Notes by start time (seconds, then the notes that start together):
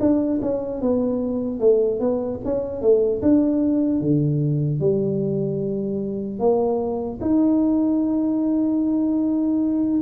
0.00 D4
0.42 C#4
0.81 B3
1.60 A3
2.00 B3
2.45 C#4
2.81 A3
3.22 D4
4.01 D3
4.80 G3
6.39 A#3
7.21 D#4